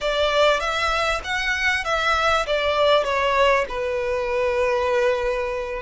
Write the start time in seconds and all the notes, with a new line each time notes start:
0.00 D5
0.60 E5
1.24 F#5
1.84 E5
2.46 D5
3.04 C#5
3.68 B4